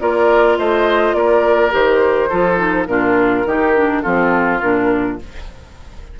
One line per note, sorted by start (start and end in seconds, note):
0.00 0.59 A#3
0.00 1.71 F4
0.00 0.59 A#4
0.00 0.58 D5
0.58 1.14 A3
0.58 1.16 C5
0.58 1.15 D#5
1.14 1.72 A#3
1.14 2.30 A#4
1.14 1.72 D5
1.71 2.32 D#3
1.71 2.29 G4
1.71 2.87 C5
2.30 2.87 F3
2.30 2.57 F4
2.30 2.87 A4
2.57 2.86 D#4
2.87 3.45 A#2
2.87 3.46 D4
2.87 3.48 F4
2.87 4.02 A#4
3.46 4.03 D#3
3.46 3.76 D#4
3.46 4.03 G4
3.76 4.03 D4
4.02 4.62 F3
4.02 4.61 C4
4.02 5.18 F4
4.02 4.60 A4
4.61 5.20 A#2
4.61 5.19 D4
4.61 5.19 A#4